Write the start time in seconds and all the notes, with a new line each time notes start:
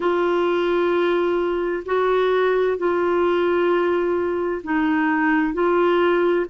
0.00 F4
1.85 F#4
2.77 F4
4.63 D#4
5.53 F4